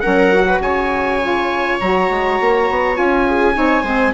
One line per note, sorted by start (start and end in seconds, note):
0.00 0.59 F#3
0.00 0.32 C#4
0.00 0.46 A#4
0.00 0.59 F#5
0.32 1.20 F#4
0.46 0.61 B4
0.59 1.77 C#3
0.59 3.26 C#5
0.59 1.79 G#5
1.21 1.80 F4
1.80 2.09 F#3
1.80 2.94 F#4
1.80 2.96 A#5
2.09 2.39 G#3
2.40 2.69 A#3
2.69 2.98 B3
2.94 3.56 C#4
2.94 3.53 F4
2.94 4.13 G#5
3.26 3.56 G#4
3.54 3.83 C4
3.54 3.84 D#4
3.54 3.83 C#5
3.83 4.12 G#3
3.83 4.13 C4
3.83 4.12 C5